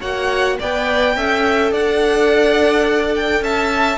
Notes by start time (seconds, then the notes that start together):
0.00 A#3 F#4 C#5 F#5
0.59 B3 B4 D5 G5
1.16 C#4 A4 E5
1.71 D4 D5 F#5
3.15 G5
3.41 C#4 E5 A5